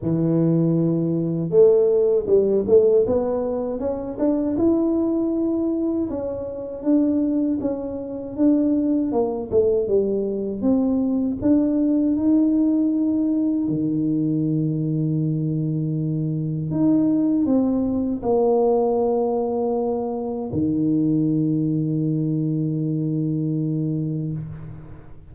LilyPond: \new Staff \with { instrumentName = "tuba" } { \time 4/4 \tempo 4 = 79 e2 a4 g8 a8 | b4 cis'8 d'8 e'2 | cis'4 d'4 cis'4 d'4 | ais8 a8 g4 c'4 d'4 |
dis'2 dis2~ | dis2 dis'4 c'4 | ais2. dis4~ | dis1 | }